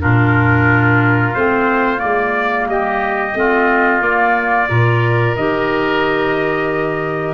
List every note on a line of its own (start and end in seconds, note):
0.00 1.34 A#2
0.00 1.33 D4
0.00 2.68 F4
0.00 1.34 A#4
1.34 2.01 A3
1.34 1.97 C4
1.34 2.00 C5
1.97 2.67 G#3
1.97 3.31 A#3
1.97 2.66 D5
2.67 3.34 G3
2.67 3.38 G4
2.67 4.02 D#5
3.34 4.01 A3
3.34 4.01 C4
3.34 4.69 F4
4.01 4.67 A#3
4.01 4.68 A#3
4.01 5.35 D5
4.69 5.36 A#2
4.69 5.35 F4
4.69 7.34 A#4
5.36 7.34 D#3
5.36 7.34 G4
5.36 7.34 D#5